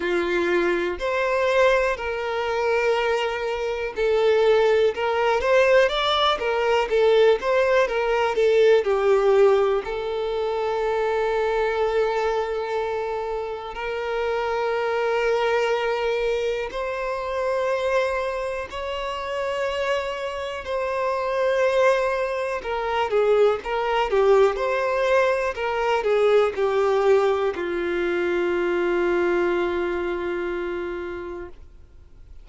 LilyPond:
\new Staff \with { instrumentName = "violin" } { \time 4/4 \tempo 4 = 61 f'4 c''4 ais'2 | a'4 ais'8 c''8 d''8 ais'8 a'8 c''8 | ais'8 a'8 g'4 a'2~ | a'2 ais'2~ |
ais'4 c''2 cis''4~ | cis''4 c''2 ais'8 gis'8 | ais'8 g'8 c''4 ais'8 gis'8 g'4 | f'1 | }